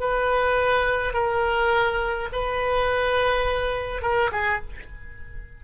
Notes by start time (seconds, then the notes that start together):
0.00 B4
1.14 A#4
2.33 B4
4.02 A#4
4.32 G#4